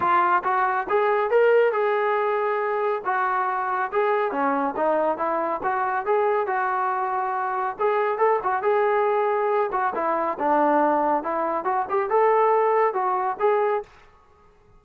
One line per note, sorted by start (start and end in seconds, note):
0.00 0.42 F4
0.44 0.87 F#4
0.89 1.30 G#4
1.30 1.72 A#4
1.72 3.02 G#4
3.05 3.91 F#4
3.92 4.31 G#4
4.31 4.74 C#4
4.76 5.17 D#4
5.17 5.60 E4
5.63 6.05 F#4
6.05 6.46 G#4
6.46 7.76 F#4
7.79 8.18 G#4
8.18 8.39 A4
8.43 8.62 F#4
8.62 9.70 G#4
9.72 9.93 F#4
9.94 10.37 E4
10.39 11.23 D4
11.23 11.64 E4
11.64 11.85 F#4
11.89 12.09 G4
12.09 12.93 A4
12.93 13.36 F#4
13.39 13.82 G#4